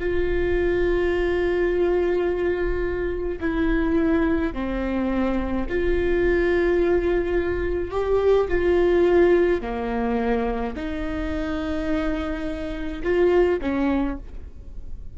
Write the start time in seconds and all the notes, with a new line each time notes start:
0.00 F4
3.40 E4
4.53 C4
5.69 F4
7.91 G4
8.48 F4
9.61 A#3
10.76 D#4
13.03 F4
13.62 C#4